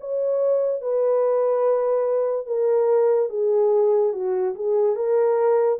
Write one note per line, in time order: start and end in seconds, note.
0.00 0.81 C#5
0.81 2.46 B4
2.46 3.30 A#4
3.30 4.13 G#4
4.13 4.55 F#4
4.55 4.96 G#4
4.96 5.79 A#4